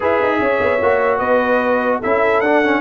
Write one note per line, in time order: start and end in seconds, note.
0.00 0.22 E4
0.00 0.79 G#4
0.00 0.39 B4
0.00 1.18 E5
0.22 0.39 D#4
0.39 0.59 C#4
0.39 1.18 C#5
0.60 0.80 B3
0.81 1.19 A#3
0.81 2.02 F#4
1.18 2.00 B3
1.18 1.98 B4
1.18 1.98 D#5
1.99 2.41 C#4
1.99 2.43 E4
1.99 2.80 A4
1.99 2.40 E5
2.40 2.80 D4
2.40 2.64 D4
2.40 2.80 F#5
2.64 2.80 C#4